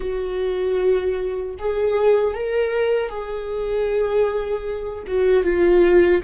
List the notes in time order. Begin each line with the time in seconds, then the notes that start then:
0.00 F#4
1.58 G#4
2.34 A#4
3.09 G#4
5.07 F#4
5.43 F4